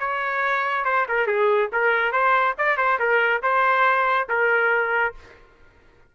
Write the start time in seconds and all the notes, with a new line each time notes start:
0.00 C#5
0.85 C5
1.09 A#4
1.27 G#4
1.73 A#4
2.13 C5
2.59 D5
2.78 C5
3.00 A#4
3.43 C5
4.29 A#4